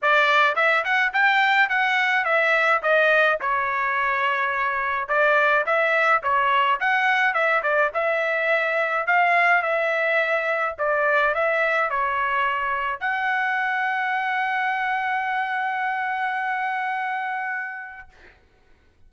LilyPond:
\new Staff \with { instrumentName = "trumpet" } { \time 4/4 \tempo 4 = 106 d''4 e''8 fis''8 g''4 fis''4 | e''4 dis''4 cis''2~ | cis''4 d''4 e''4 cis''4 | fis''4 e''8 d''8 e''2 |
f''4 e''2 d''4 | e''4 cis''2 fis''4~ | fis''1~ | fis''1 | }